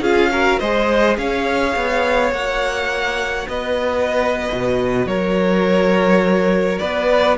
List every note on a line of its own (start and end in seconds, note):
0.00 0.58 C#4
0.00 0.31 F4
0.00 0.30 G#4
0.00 0.59 F5
0.31 0.60 F#4
0.31 0.59 A#4
0.59 1.17 G#3
0.59 2.33 G#4
0.59 1.17 C5
0.59 1.17 D#5
1.17 1.75 C#4
1.17 3.49 C#5
1.17 2.32 F5
1.75 2.31 B3
2.31 3.47 A#3
2.31 7.37 F#4
2.31 3.48 F#5
3.48 4.49 B3
3.48 5.08 B4
3.48 5.07 D#5
4.51 5.06 B2
5.06 6.79 F#3
5.06 6.80 A#4
5.06 6.78 C#5
6.78 7.37 B3
6.78 7.37 B4
6.78 7.36 D5